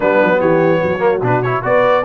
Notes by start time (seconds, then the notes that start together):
0.00 G3 B3 D4 B4
0.23 F#3
0.39 E3 G4 C#5
0.82 F#3 F#4
0.99 A#3
1.22 B2 D4 B4
1.42 E4 C#5
1.62 B3 F#4 B4 D5